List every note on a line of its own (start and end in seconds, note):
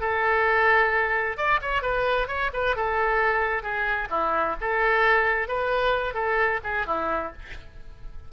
0.00 1.37 A4
1.37 1.60 D5
1.61 1.82 C#5
1.82 2.28 B4
2.28 2.50 C#5
2.53 2.76 B4
2.76 3.62 A4
3.62 4.08 G#4
4.10 4.56 E4
4.60 5.48 A4
5.48 6.14 B4
6.14 6.60 A4
6.63 6.86 G#4
6.86 7.32 E4